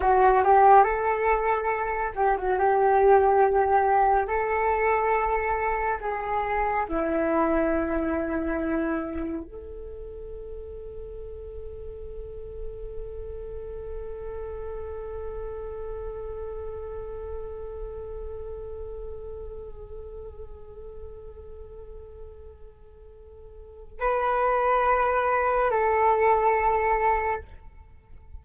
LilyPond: \new Staff \with { instrumentName = "flute" } { \time 4/4 \tempo 4 = 70 fis'8 g'8 a'4. g'16 fis'16 g'4~ | g'4 a'2 gis'4 | e'2. a'4~ | a'1~ |
a'1~ | a'1~ | a'1 | b'2 a'2 | }